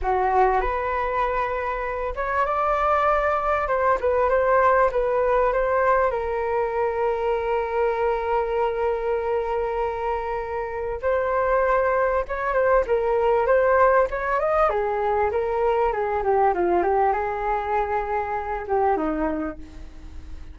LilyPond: \new Staff \with { instrumentName = "flute" } { \time 4/4 \tempo 4 = 98 fis'4 b'2~ b'8 cis''8 | d''2 c''8 b'8 c''4 | b'4 c''4 ais'2~ | ais'1~ |
ais'2 c''2 | cis''8 c''8 ais'4 c''4 cis''8 dis''8 | gis'4 ais'4 gis'8 g'8 f'8 g'8 | gis'2~ gis'8 g'8 dis'4 | }